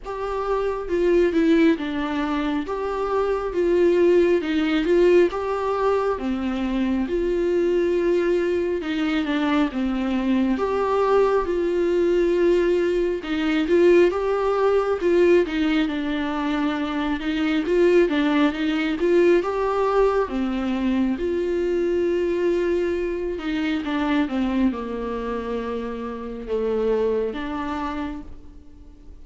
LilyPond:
\new Staff \with { instrumentName = "viola" } { \time 4/4 \tempo 4 = 68 g'4 f'8 e'8 d'4 g'4 | f'4 dis'8 f'8 g'4 c'4 | f'2 dis'8 d'8 c'4 | g'4 f'2 dis'8 f'8 |
g'4 f'8 dis'8 d'4. dis'8 | f'8 d'8 dis'8 f'8 g'4 c'4 | f'2~ f'8 dis'8 d'8 c'8 | ais2 a4 d'4 | }